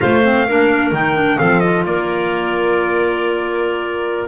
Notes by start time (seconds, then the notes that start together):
0.00 A3 F4 C5 F5
0.23 C4
0.46 A#3 D4 A#4
0.91 D#3 D#4 G5
1.15 D4
1.38 F3 C4 A4 F5
1.59 F4 D#5
1.84 A#3 A#4 D5